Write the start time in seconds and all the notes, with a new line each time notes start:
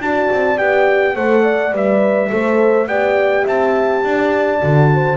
0.00 D4 F#4 D5 A5
0.32 C4
0.57 B3 G4 G5
1.15 A3 A4 C5 F#5
1.43 D5
1.73 G3 B4 E5
2.30 A3 A4 C5
2.87 B3 G4 D5 G5
3.44 C4 E5 A5
4.04 D4 D5
4.60 D3 F#4
4.94 C5